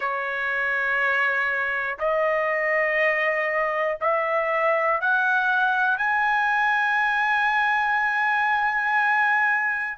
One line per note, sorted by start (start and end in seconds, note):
0.00 1.98 C#5
1.99 3.99 D#5
4.00 5.00 E5
5.00 5.97 F#5
5.97 9.97 G#5